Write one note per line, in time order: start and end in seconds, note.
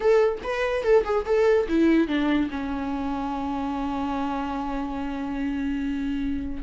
0.00 0.38 A4
0.43 0.83 B4
0.83 1.04 A4
1.04 1.25 G#4
1.25 1.66 A4
1.68 2.07 E4
2.07 2.49 D4
2.50 6.63 C#4